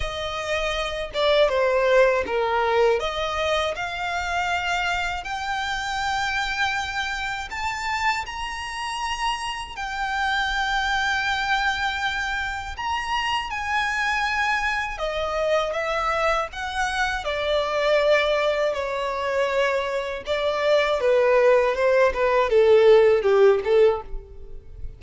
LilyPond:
\new Staff \with { instrumentName = "violin" } { \time 4/4 \tempo 4 = 80 dis''4. d''8 c''4 ais'4 | dis''4 f''2 g''4~ | g''2 a''4 ais''4~ | ais''4 g''2.~ |
g''4 ais''4 gis''2 | dis''4 e''4 fis''4 d''4~ | d''4 cis''2 d''4 | b'4 c''8 b'8 a'4 g'8 a'8 | }